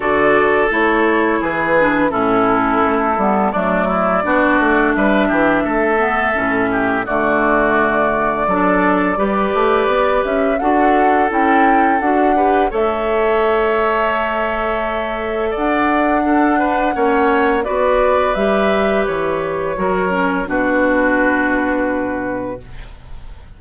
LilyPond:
<<
  \new Staff \with { instrumentName = "flute" } { \time 4/4 \tempo 4 = 85 d''4 cis''4 b'4 a'4~ | a'4 d''2 e''4~ | e''2 d''2~ | d''2~ d''8 e''8 fis''4 |
g''4 fis''4 e''2~ | e''2 fis''2~ | fis''4 d''4 e''4 cis''4~ | cis''4 b'2. | }
  \new Staff \with { instrumentName = "oboe" } { \time 4/4 a'2 gis'4 e'4~ | e'4 d'8 e'8 fis'4 b'8 g'8 | a'4. g'8 fis'2 | a'4 b'2 a'4~ |
a'4. b'8 cis''2~ | cis''2 d''4 a'8 b'8 | cis''4 b'2. | ais'4 fis'2. | }
  \new Staff \with { instrumentName = "clarinet" } { \time 4/4 fis'4 e'4. d'8 cis'4~ | cis'8 b8 a4 d'2~ | d'8 b8 cis'4 a2 | d'4 g'2 fis'4 |
e'4 fis'8 g'8 a'2~ | a'2. d'4 | cis'4 fis'4 g'2 | fis'8 cis'8 d'2. | }
  \new Staff \with { instrumentName = "bassoon" } { \time 4/4 d4 a4 e4 a,4 | a8 g8 fis4 b8 a8 g8 e8 | a4 a,4 d2 | fis4 g8 a8 b8 cis'8 d'4 |
cis'4 d'4 a2~ | a2 d'2 | ais4 b4 g4 e4 | fis4 b,2. | }
>>